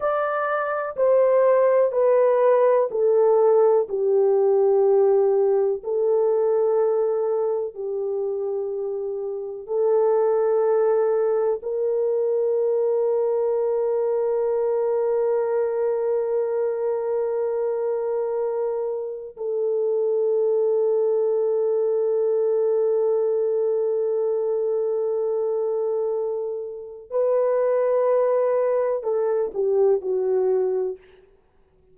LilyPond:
\new Staff \with { instrumentName = "horn" } { \time 4/4 \tempo 4 = 62 d''4 c''4 b'4 a'4 | g'2 a'2 | g'2 a'2 | ais'1~ |
ais'1 | a'1~ | a'1 | b'2 a'8 g'8 fis'4 | }